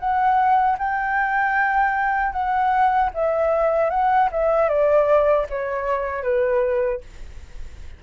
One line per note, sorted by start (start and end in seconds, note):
0.00 0.78 F#5
0.79 2.33 G5
2.33 3.11 F#5
3.15 3.91 E5
3.91 4.30 F#5
4.32 4.69 E5
4.69 5.47 D5
5.50 6.23 C#5
6.23 7.01 B4